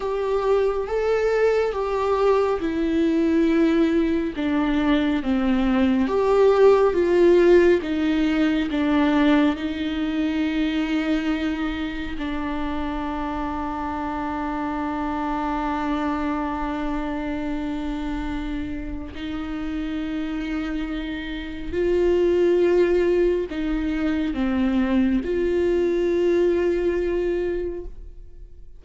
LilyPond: \new Staff \with { instrumentName = "viola" } { \time 4/4 \tempo 4 = 69 g'4 a'4 g'4 e'4~ | e'4 d'4 c'4 g'4 | f'4 dis'4 d'4 dis'4~ | dis'2 d'2~ |
d'1~ | d'2 dis'2~ | dis'4 f'2 dis'4 | c'4 f'2. | }